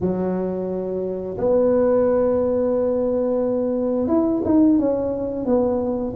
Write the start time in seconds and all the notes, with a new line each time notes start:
0.00 F#3
1.37 B3
4.07 E4
4.44 D#4
4.78 C#4
5.45 B3